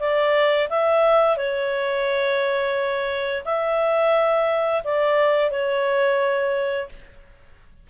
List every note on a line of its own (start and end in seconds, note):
0.00 0.69 D5
0.70 1.37 E5
1.37 3.44 C#5
3.45 4.83 E5
4.84 5.51 D5
5.51 6.89 C#5